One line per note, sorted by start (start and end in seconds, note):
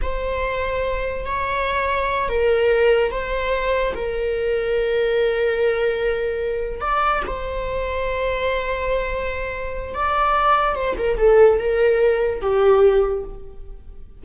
0.02 1.25 C5
1.25 2.28 C#5
2.28 3.11 A#4
3.11 3.94 C5
3.94 6.81 A#4
6.81 7.22 D5
7.26 9.94 C5
9.94 10.75 D5
10.75 10.96 C5
10.98 11.17 A#4
11.17 11.59 A4
11.59 12.41 A#4
12.41 13.23 G4